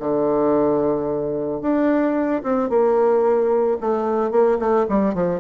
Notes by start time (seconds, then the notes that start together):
0.00 D3
1.61 D4
2.43 C4
2.70 A#3
3.81 A3
4.31 A#3
4.59 A3
4.89 G3
5.14 F3